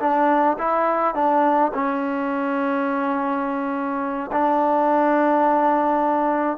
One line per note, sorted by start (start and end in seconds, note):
0.00 0.57 D4
0.58 1.15 E4
1.15 1.72 D4
1.74 4.31 C#4
4.32 6.58 D4